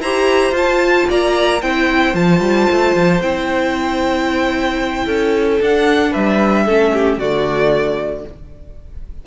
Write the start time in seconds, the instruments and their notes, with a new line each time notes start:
0.00 cello E4, viola G4, violin C5 A#5
0.51 cello F4, viola F4, violin A5
1.09 cello A#3, violin D5 A#5
1.62 cello C4, viola E4, violin C5 G5
2.14 cello F3, viola F4, violin A5
2.40 cello G3
2.71 cello A3
2.96 cello F3
3.20 cello C4, viola E4, violin G5
5.05 cello C#4, violin A4
5.61 cello D4, viola D4, violin F#5
6.11 cello G3, violin B4 E5
6.65 cello A3, viola C#4, violin A4
6.93 violin G4
7.18 cello D3, viola A3, violin F#4 D5